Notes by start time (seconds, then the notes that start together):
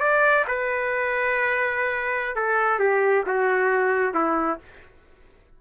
0.00 D5
0.48 B4
2.35 A4
2.79 G4
3.26 F#4
4.14 E4